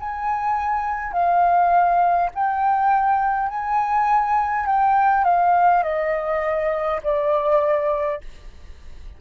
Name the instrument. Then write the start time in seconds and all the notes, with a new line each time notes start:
flute
0.00 G#5
1.13 F5
2.35 G5
3.49 G#5
4.66 G5
5.24 F5
5.83 D#5
7.03 D5